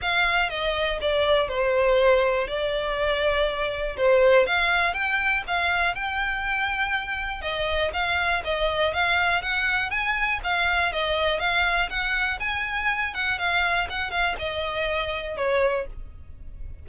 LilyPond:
\new Staff \with { instrumentName = "violin" } { \time 4/4 \tempo 4 = 121 f''4 dis''4 d''4 c''4~ | c''4 d''2. | c''4 f''4 g''4 f''4 | g''2. dis''4 |
f''4 dis''4 f''4 fis''4 | gis''4 f''4 dis''4 f''4 | fis''4 gis''4. fis''8 f''4 | fis''8 f''8 dis''2 cis''4 | }